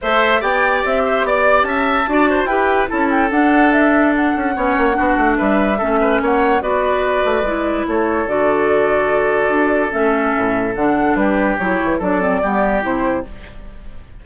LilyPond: <<
  \new Staff \with { instrumentName = "flute" } { \time 4/4 \tempo 4 = 145 e''4 g''4 e''4 d''4 | a''2 g''4 a''8 g''8 | fis''4 e''4 fis''2~ | fis''4 e''2 fis''4 |
d''2. cis''4 | d''1 | e''2 fis''4 b'4 | cis''4 d''2 c''4 | }
  \new Staff \with { instrumentName = "oboe" } { \time 4/4 c''4 d''4. c''8 d''4 | e''4 d''8 c''8 b'4 a'4~ | a'2. cis''4 | fis'4 b'4 a'8 b'8 cis''4 |
b'2. a'4~ | a'1~ | a'2. g'4~ | g'4 a'4 g'2 | }
  \new Staff \with { instrumentName = "clarinet" } { \time 4/4 a'4 g'2.~ | g'4 fis'4 g'4 e'4 | d'2. cis'4 | d'2 cis'2 |
fis'2 e'2 | fis'1 | cis'2 d'2 | e'4 d'8 c'8 b4 e'4 | }
  \new Staff \with { instrumentName = "bassoon" } { \time 4/4 a4 b4 c'4 b4 | cis'4 d'4 e'4 cis'4 | d'2~ d'8 cis'8 b8 ais8 | b8 a8 g4 a4 ais4 |
b4. a8 gis4 a4 | d2. d'4 | a4 a,4 d4 g4 | fis8 e8 fis4 g4 c4 | }
>>